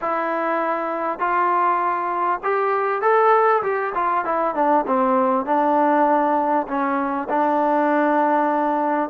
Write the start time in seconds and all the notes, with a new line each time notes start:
0.01 E4
1.19 F4
2.43 G4
3.01 A4
3.62 G4
3.94 F4
4.24 E4
4.55 D4
4.86 C4
5.45 D4
6.67 C#4
7.29 D4